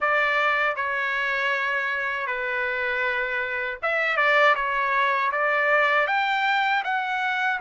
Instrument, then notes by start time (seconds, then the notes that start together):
trumpet
0.00 D5
0.76 C#5
2.26 B4
3.82 E5
4.16 D5
4.55 C#5
5.31 D5
6.07 G5
6.84 F#5